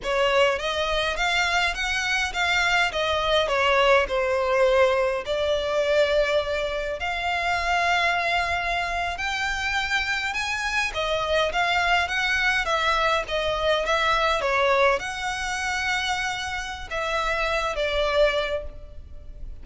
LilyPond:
\new Staff \with { instrumentName = "violin" } { \time 4/4 \tempo 4 = 103 cis''4 dis''4 f''4 fis''4 | f''4 dis''4 cis''4 c''4~ | c''4 d''2. | f''2.~ f''8. g''16~ |
g''4.~ g''16 gis''4 dis''4 f''16~ | f''8. fis''4 e''4 dis''4 e''16~ | e''8. cis''4 fis''2~ fis''16~ | fis''4 e''4. d''4. | }